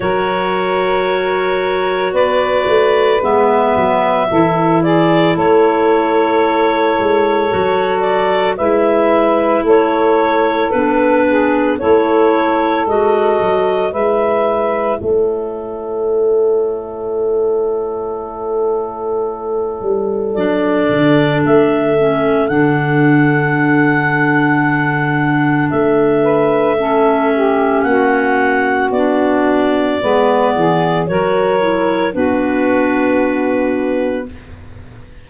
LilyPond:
<<
  \new Staff \with { instrumentName = "clarinet" } { \time 4/4 \tempo 4 = 56 cis''2 d''4 e''4~ | e''8 d''8 cis''2~ cis''8 d''8 | e''4 cis''4 b'4 cis''4 | dis''4 e''4 cis''2~ |
cis''2. d''4 | e''4 fis''2. | e''2 fis''4 d''4~ | d''4 cis''4 b'2 | }
  \new Staff \with { instrumentName = "saxophone" } { \time 4/4 ais'2 b'2 | a'8 gis'8 a'2. | b'4 a'4. gis'8 a'4~ | a'4 b'4 a'2~ |
a'1~ | a'1~ | a'8 b'8 a'8 g'8 fis'2 | b'8 gis'8 ais'4 fis'2 | }
  \new Staff \with { instrumentName = "clarinet" } { \time 4/4 fis'2. b4 | e'2. fis'4 | e'2 d'4 e'4 | fis'4 e'2.~ |
e'2. d'4~ | d'8 cis'8 d'2.~ | d'4 cis'2 d'4 | b4 fis'8 e'8 d'2 | }
  \new Staff \with { instrumentName = "tuba" } { \time 4/4 fis2 b8 a8 gis8 fis8 | e4 a4. gis8 fis4 | gis4 a4 b4 a4 | gis8 fis8 gis4 a2~ |
a2~ a8 g8 fis8 d8 | a4 d2. | a2 ais4 b4 | gis8 e8 fis4 b2 | }
>>